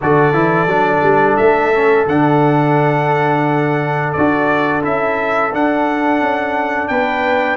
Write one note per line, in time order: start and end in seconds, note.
0.01 0.33 D3
0.01 0.33 F#4
0.01 6.89 A4
0.01 1.36 D5
0.33 0.66 E3
0.33 0.67 E4
0.66 1.00 F#3
0.66 1.72 D4
1.02 1.37 G3
1.36 2.06 A3
1.36 2.05 E5
1.73 2.07 C#4
2.06 4.13 D3
2.06 4.16 D4
2.06 4.12 F#5
4.12 4.84 D4
4.12 4.82 F#4
4.12 4.81 D5
4.82 5.53 C#4
4.82 5.51 E4
4.82 5.53 E5
5.52 7.56 D4
5.52 6.21 D4
5.52 6.88 F#5
6.21 6.89 C#4
6.88 7.56 B3
6.88 7.56 B4
6.88 7.56 G5